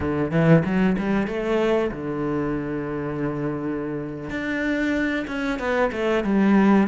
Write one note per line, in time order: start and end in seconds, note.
0.00 0.31 D3
0.31 0.63 E3
0.64 0.96 F#3
0.98 1.27 G3
1.27 1.91 A3
1.91 4.30 D3
4.30 5.25 D4
5.27 5.59 C#4
5.59 5.90 B3
5.92 6.23 A3
6.24 6.87 G3